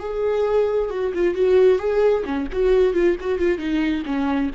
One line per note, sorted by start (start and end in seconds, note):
0.00 0.90 G#4
0.90 1.13 F#4
1.14 1.35 F4
1.35 1.79 F#4
1.79 2.24 G#4
2.25 2.48 C#4
2.53 2.94 F#4
2.94 3.17 F4
3.21 3.39 F#4
3.39 3.58 F4
3.58 4.03 D#4
4.06 4.51 C#4